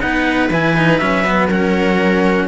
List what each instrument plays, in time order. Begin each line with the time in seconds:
0.00 cello B3 D#4, viola B4, trumpet F#5
0.50 cello E3 E4, trumpet G#5
0.76 cello D#4
0.98 cello F#3 C#4, trumpet E5
1.24 cello B3
1.48 cello C#4, viola A#4, trumpet F#5